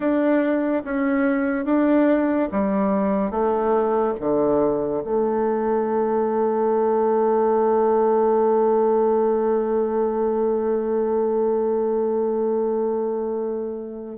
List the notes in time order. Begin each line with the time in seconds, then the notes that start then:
0.00 D4
0.84 C#4
1.65 D4
2.51 G3
3.30 A3
4.19 D3
5.03 A3